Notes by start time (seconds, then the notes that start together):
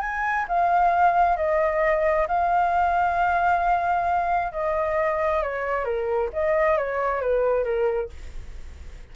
0.00 G#5
0.48 F5
1.36 D#5
2.28 F5
4.52 D#5
5.42 C#5
5.84 A#4
6.33 D#5
6.77 C#5
7.21 B4
7.64 A#4